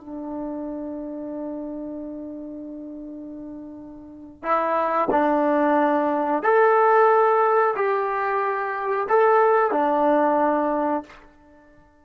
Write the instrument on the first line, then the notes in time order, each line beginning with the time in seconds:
trombone
0.00 D4
4.43 E4
5.11 D4
6.43 A4
7.76 G4
9.09 A4
9.71 D4